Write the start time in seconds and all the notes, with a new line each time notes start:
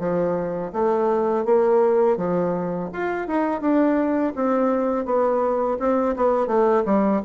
0.00 F3
0.73 A3
1.46 A#3
2.18 F3
2.93 F4
3.28 D#4
3.61 D4
4.36 C4
5.06 B3
5.80 C4
6.17 B3
6.48 A3
6.86 G3